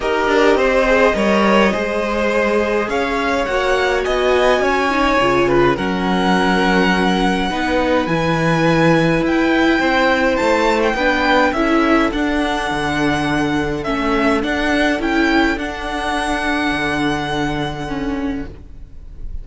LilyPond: <<
  \new Staff \with { instrumentName = "violin" } { \time 4/4 \tempo 4 = 104 dis''1~ | dis''4 f''4 fis''4 gis''4~ | gis''2 fis''2~ | fis''2 gis''2 |
g''2 a''8. g''4~ g''16 | e''4 fis''2. | e''4 fis''4 g''4 fis''4~ | fis''1 | }
  \new Staff \with { instrumentName = "violin" } { \time 4/4 ais'4 c''4 cis''4 c''4~ | c''4 cis''2 dis''4 | cis''4. b'8 ais'2~ | ais'4 b'2.~ |
b'4 c''2 b'4 | a'1~ | a'1~ | a'1 | }
  \new Staff \with { instrumentName = "viola" } { \time 4/4 g'4. gis'8 ais'4 gis'4~ | gis'2 fis'2~ | fis'8 dis'8 f'4 cis'2~ | cis'4 dis'4 e'2~ |
e'2. d'4 | e'4 d'2. | cis'4 d'4 e'4 d'4~ | d'2. cis'4 | }
  \new Staff \with { instrumentName = "cello" } { \time 4/4 dis'8 d'8 c'4 g4 gis4~ | gis4 cis'4 ais4 b4 | cis'4 cis4 fis2~ | fis4 b4 e2 |
e'4 c'4 a4 b4 | cis'4 d'4 d2 | a4 d'4 cis'4 d'4~ | d'4 d2. | }
>>